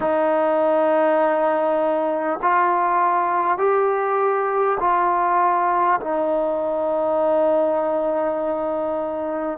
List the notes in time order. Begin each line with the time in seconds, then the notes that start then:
0.00 D#4
2.42 F4
3.57 G4
4.79 F4
6.00 D#4